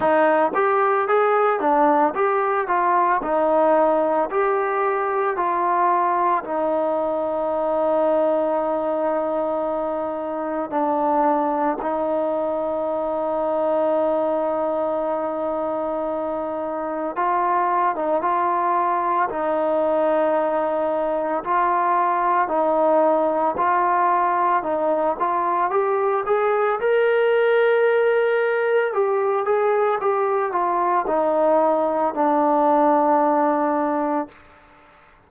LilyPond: \new Staff \with { instrumentName = "trombone" } { \time 4/4 \tempo 4 = 56 dis'8 g'8 gis'8 d'8 g'8 f'8 dis'4 | g'4 f'4 dis'2~ | dis'2 d'4 dis'4~ | dis'1 |
f'8. dis'16 f'4 dis'2 | f'4 dis'4 f'4 dis'8 f'8 | g'8 gis'8 ais'2 g'8 gis'8 | g'8 f'8 dis'4 d'2 | }